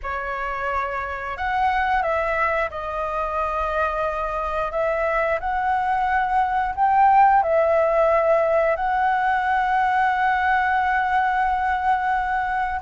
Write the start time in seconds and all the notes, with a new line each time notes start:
0.02 C#5
1.37 F#5
2.02 E5
2.70 D#5
4.71 E5
5.40 F#5
6.75 G5
7.42 E5
8.75 F#5